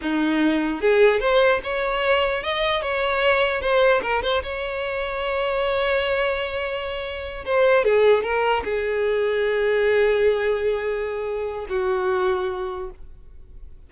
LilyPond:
\new Staff \with { instrumentName = "violin" } { \time 4/4 \tempo 4 = 149 dis'2 gis'4 c''4 | cis''2 dis''4 cis''4~ | cis''4 c''4 ais'8 c''8 cis''4~ | cis''1~ |
cis''2~ cis''8 c''4 gis'8~ | gis'8 ais'4 gis'2~ gis'8~ | gis'1~ | gis'4 fis'2. | }